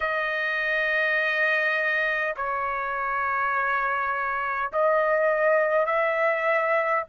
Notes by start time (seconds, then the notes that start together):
0.00 D#5
2.36 C#5
4.72 D#5
5.86 E5